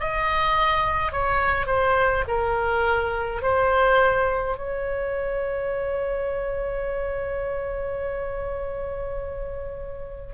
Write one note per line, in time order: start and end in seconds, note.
0.00 1.12 D#5
1.12 1.67 C#5
1.67 2.24 C5
2.28 3.42 A#4
3.42 4.57 C5
4.57 10.34 C#5